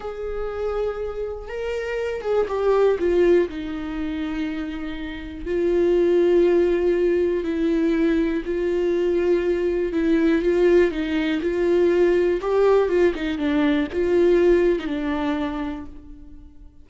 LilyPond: \new Staff \with { instrumentName = "viola" } { \time 4/4 \tempo 4 = 121 gis'2. ais'4~ | ais'8 gis'8 g'4 f'4 dis'4~ | dis'2. f'4~ | f'2. e'4~ |
e'4 f'2. | e'4 f'4 dis'4 f'4~ | f'4 g'4 f'8 dis'8 d'4 | f'4.~ f'16 dis'16 d'2 | }